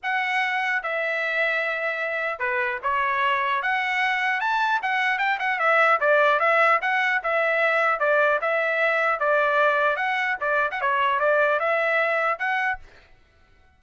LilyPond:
\new Staff \with { instrumentName = "trumpet" } { \time 4/4 \tempo 4 = 150 fis''2 e''2~ | e''2 b'4 cis''4~ | cis''4 fis''2 a''4 | fis''4 g''8 fis''8 e''4 d''4 |
e''4 fis''4 e''2 | d''4 e''2 d''4~ | d''4 fis''4 d''8. fis''16 cis''4 | d''4 e''2 fis''4 | }